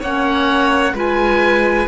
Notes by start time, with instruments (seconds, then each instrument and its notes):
0.00 cello A#3, clarinet C#4, violin C#5, oboe F#5
0.93 cello G#3, clarinet F4, violin B4, oboe G#5